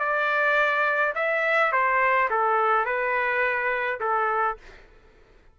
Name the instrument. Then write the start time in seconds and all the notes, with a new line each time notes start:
trumpet
0.00 D5
1.16 E5
1.72 C5
2.31 A4
2.86 B4
4.01 A4